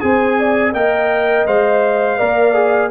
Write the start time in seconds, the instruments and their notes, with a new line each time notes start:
0.00 tuba C4, trombone G#4, horn C5, trumpet G#5
0.39 horn D5
0.73 tuba A#3, trombone A#4, horn D#5, trumpet G5
1.46 tuba G#3, trombone C5, trumpet F5
2.18 tuba A#3, trombone A#4, horn D5
2.54 trombone G#4